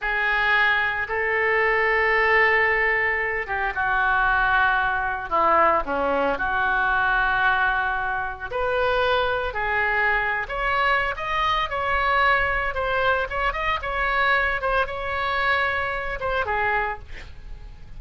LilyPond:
\new Staff \with { instrumentName = "oboe" } { \time 4/4 \tempo 4 = 113 gis'2 a'2~ | a'2~ a'8 g'8 fis'4~ | fis'2 e'4 cis'4 | fis'1 |
b'2 gis'4.~ gis'16 cis''16~ | cis''4 dis''4 cis''2 | c''4 cis''8 dis''8 cis''4. c''8 | cis''2~ cis''8 c''8 gis'4 | }